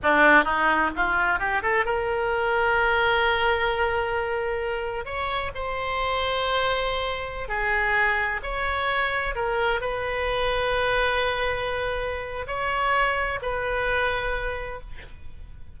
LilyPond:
\new Staff \with { instrumentName = "oboe" } { \time 4/4 \tempo 4 = 130 d'4 dis'4 f'4 g'8 a'8 | ais'1~ | ais'2. cis''4 | c''1~ |
c''16 gis'2 cis''4.~ cis''16~ | cis''16 ais'4 b'2~ b'8.~ | b'2. cis''4~ | cis''4 b'2. | }